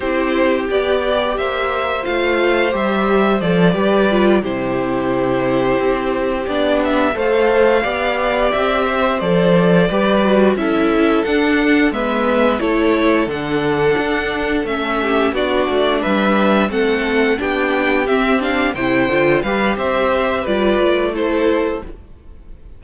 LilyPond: <<
  \new Staff \with { instrumentName = "violin" } { \time 4/4 \tempo 4 = 88 c''4 d''4 e''4 f''4 | e''4 d''4. c''4.~ | c''4. d''8 e''8 f''4.~ | f''8 e''4 d''2 e''8~ |
e''8 fis''4 e''4 cis''4 fis''8~ | fis''4. e''4 d''4 e''8~ | e''8 fis''4 g''4 e''8 f''8 g''8~ | g''8 f''8 e''4 d''4 c''4 | }
  \new Staff \with { instrumentName = "violin" } { \time 4/4 g'2 c''2~ | c''4. b'4 g'4.~ | g'2~ g'8 c''4 d''8~ | d''4 c''4. b'4 a'8~ |
a'4. b'4 a'4.~ | a'2 g'8 fis'4 b'8~ | b'8 a'4 g'2 c''8~ | c''8 b'8 c''4 b'4 a'4 | }
  \new Staff \with { instrumentName = "viola" } { \time 4/4 e'4 g'2 f'4 | g'4 a'8 g'8 f'8 e'4.~ | e'4. d'4 a'4 g'8~ | g'4. a'4 g'8 fis'8 e'8~ |
e'8 d'4 b4 e'4 d'8~ | d'4. cis'4 d'4.~ | d'8 c'4 d'4 c'8 d'8 e'8 | f'8 g'4. f'4 e'4 | }
  \new Staff \with { instrumentName = "cello" } { \time 4/4 c'4 b4 ais4 a4 | g4 f8 g4 c4.~ | c8 c'4 b4 a4 b8~ | b8 c'4 f4 g4 cis'8~ |
cis'8 d'4 gis4 a4 d8~ | d8 d'4 a4 b8 a8 g8~ | g8 a4 b4 c'4 c8 | d8 g8 c'4 g8 a4. | }
>>